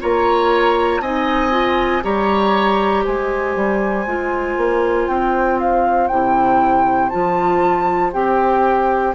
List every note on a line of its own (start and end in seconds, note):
0.00 1.00 A#3
0.00 1.02 F4
0.00 1.01 C#5
0.00 1.01 A#5
1.00 2.02 C4
1.00 1.50 D#4
1.00 2.03 D#5
1.00 2.03 G#5
1.50 2.01 F4
2.02 3.05 G3
2.02 4.06 G4
2.02 3.04 C#5
2.02 3.05 A#5
3.04 3.56 G#3
3.04 9.14 C5
3.04 5.08 G#5
3.56 4.06 G3
4.06 4.57 G#3
4.06 6.10 F4
4.57 5.08 A#3
5.08 6.09 C4
5.08 5.58 G5
5.59 6.07 F5
6.07 7.12 C3
6.07 7.11 E4
6.07 7.09 G5
7.09 8.13 F3
7.09 8.12 F4
7.09 8.11 A5
8.12 9.14 C4
8.12 9.14 G4
8.12 9.14 G5